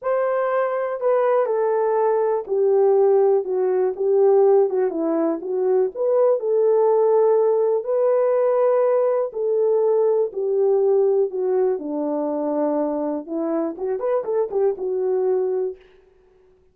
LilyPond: \new Staff \with { instrumentName = "horn" } { \time 4/4 \tempo 4 = 122 c''2 b'4 a'4~ | a'4 g'2 fis'4 | g'4. fis'8 e'4 fis'4 | b'4 a'2. |
b'2. a'4~ | a'4 g'2 fis'4 | d'2. e'4 | fis'8 b'8 a'8 g'8 fis'2 | }